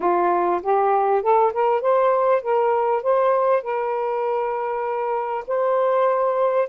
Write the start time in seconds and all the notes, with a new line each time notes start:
0.00 F4
0.62 G4
1.22 A4
1.53 A#4
1.81 C5
2.42 A#4
3.02 C5
3.62 A#4
5.47 C5